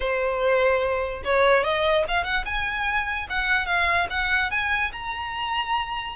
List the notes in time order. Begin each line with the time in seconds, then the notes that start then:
0.00 C5
1.24 C#5
1.63 D#5
2.08 F5
2.24 F#5
2.45 G#5
3.29 F#5
3.66 F5
4.09 F#5
4.50 G#5
4.92 A#5